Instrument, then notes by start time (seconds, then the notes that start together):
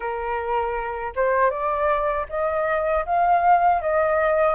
flute
0.00 A#4
1.15 C5
1.50 D5
2.29 D#5
3.05 F5
3.81 D#5